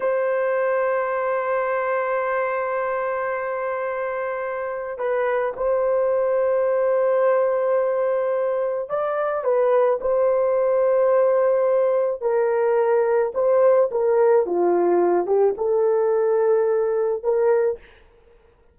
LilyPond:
\new Staff \with { instrumentName = "horn" } { \time 4/4 \tempo 4 = 108 c''1~ | c''1~ | c''4 b'4 c''2~ | c''1 |
d''4 b'4 c''2~ | c''2 ais'2 | c''4 ais'4 f'4. g'8 | a'2. ais'4 | }